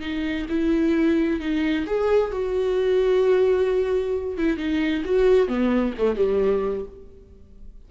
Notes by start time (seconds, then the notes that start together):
0.00 D#4
0.49 E4
1.39 D#4
1.86 G#4
2.31 F#4
4.37 E4
4.57 D#4
5.04 F#4
5.48 B3
5.98 A3
6.16 G3